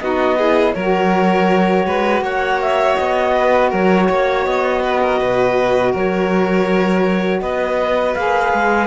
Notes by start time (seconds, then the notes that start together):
0.00 B3 D#4 F#4 D#5
0.38 E4 G#4
0.73 F#3 F#4 A#4 C#5
1.86 G#3 B4
2.21 A#3 C#5 F#5
2.61 E5
2.96 B3 D#5
3.36 B4
3.69 F#3 A#4 C#5
4.08 A#3 C#5
4.46 B3 D#5
4.82 B4
5.02 A#4
5.19 B2 B4
5.92 F#3 A#4 C#5
7.41 B3 B4 D#5
8.14 A#3 G#4 F5
8.53 G#3